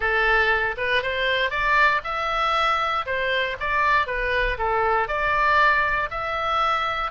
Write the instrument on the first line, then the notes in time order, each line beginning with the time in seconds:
oboe
0.00 A4
0.77 B4
1.02 C5
1.50 D5
2.03 E5
3.06 C5
3.60 D5
4.06 B4
4.58 A4
5.08 D5
6.10 E5